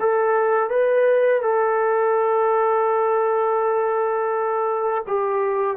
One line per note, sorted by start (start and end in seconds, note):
0.00 0.70 A4
0.70 1.42 B4
1.42 5.03 A4
5.07 5.77 G4